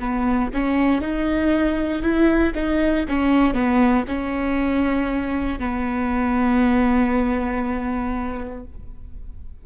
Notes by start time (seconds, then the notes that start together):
0.00 B3
0.54 C#4
1.01 D#4
2.02 E4
2.55 D#4
3.08 C#4
3.54 B3
4.08 C#4
5.59 B3